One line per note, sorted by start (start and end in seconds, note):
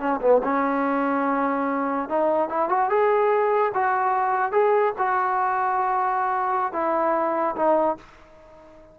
0.00 0.21 C#4
0.21 0.42 B3
0.44 2.09 C#4
2.10 2.50 D#4
2.50 2.69 E4
2.69 2.90 F#4
2.90 3.73 G#4
3.75 4.52 F#4
4.52 4.94 G#4
4.99 6.73 F#4
6.73 7.56 E4
7.56 7.98 D#4